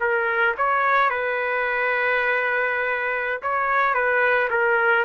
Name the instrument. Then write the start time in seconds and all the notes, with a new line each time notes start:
trumpet
0.00 A#4
0.57 C#5
1.09 B4
3.42 C#5
3.94 B4
4.50 A#4